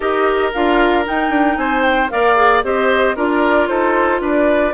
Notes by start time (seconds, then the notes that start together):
0.00 D#4 G4 A#4 D#5
0.53 D4 F4 F5
1.04 D#4 G5
1.30 D4
1.56 C4 C5 G#5
1.82 G5
2.10 A#3 A#4 D5 F5
2.36 G#4
2.63 C4 G4 C5 D#5
3.15 D4 F4 A#4 D5
3.67 D#4 A4 C5
4.21 D4 B4 D5